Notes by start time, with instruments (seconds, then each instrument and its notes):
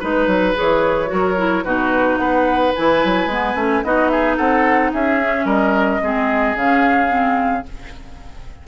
0.00 bassoon G#3, clarinet D#4, oboe B4, flute B4
0.27 bassoon F#3
0.55 bassoon E3, clarinet G#4, flute C#5
1.07 bassoon F#3, clarinet F#4, oboe A#4
1.37 clarinet E4
1.64 bassoon B2, clarinet D#4, oboe F#4, flute B4
2.18 bassoon B3, oboe B4, flute F#5
2.76 bassoon E3, clarinet E4, flute G#5
3.04 bassoon F#3
3.27 bassoon G#3, clarinet B3
3.55 bassoon A3, clarinet C#4
3.84 bassoon B3, clarinet D#4, oboe F#4, flute D#5
4.09 oboe G#4, flute E5
4.37 bassoon C4, oboe A4, flute F#5
4.93 bassoon C#4, oboe G#4, flute E5
5.21 clarinet C#4
5.45 bassoon G3, oboe A#4, flute D#5
6.02 bassoon G#3, clarinet C4, oboe G#4
6.55 bassoon C#3, clarinet C#4, flute F5
7.09 clarinet C4